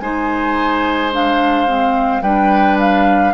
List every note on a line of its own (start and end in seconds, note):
0.00 2.22 G#3
0.00 1.11 D#4
0.00 2.23 C5
0.00 1.11 G#5
1.11 1.67 D4
1.11 2.22 F5
1.67 2.22 C4
2.22 3.33 G3
2.22 3.34 D4
2.22 3.34 B4
2.22 2.78 G5
2.80 3.34 F5